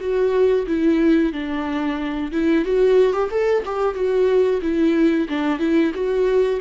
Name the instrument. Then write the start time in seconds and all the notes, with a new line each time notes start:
viola
0.00 F#4
0.67 E4
1.32 D4
2.32 E4
2.65 F#4
3.13 G4
3.30 A4
3.65 G4
3.94 F#4
4.62 E4
5.28 D4
5.59 E4
5.94 F#4